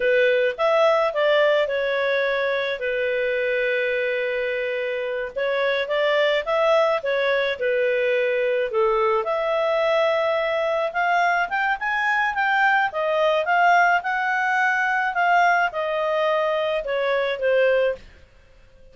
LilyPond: \new Staff \with { instrumentName = "clarinet" } { \time 4/4 \tempo 4 = 107 b'4 e''4 d''4 cis''4~ | cis''4 b'2.~ | b'4. cis''4 d''4 e''8~ | e''8 cis''4 b'2 a'8~ |
a'8 e''2. f''8~ | f''8 g''8 gis''4 g''4 dis''4 | f''4 fis''2 f''4 | dis''2 cis''4 c''4 | }